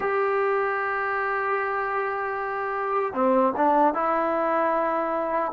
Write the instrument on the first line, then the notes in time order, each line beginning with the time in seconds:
trombone
0.00 G4
3.13 C4
3.56 D4
3.94 E4